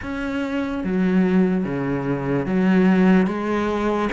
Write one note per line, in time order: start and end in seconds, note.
0.02 0.84 C#4
0.84 1.64 F#3
1.64 2.46 C#3
2.46 3.27 F#3
3.27 4.09 G#3